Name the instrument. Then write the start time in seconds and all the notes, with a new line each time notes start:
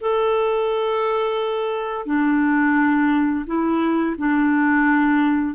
clarinet
0.00 A4
2.05 D4
3.46 E4
4.18 D4